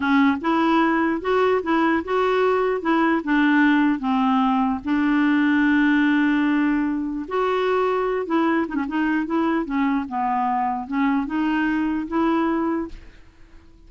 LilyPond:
\new Staff \with { instrumentName = "clarinet" } { \time 4/4 \tempo 4 = 149 cis'4 e'2 fis'4 | e'4 fis'2 e'4 | d'2 c'2 | d'1~ |
d'2 fis'2~ | fis'8 e'4 dis'16 cis'16 dis'4 e'4 | cis'4 b2 cis'4 | dis'2 e'2 | }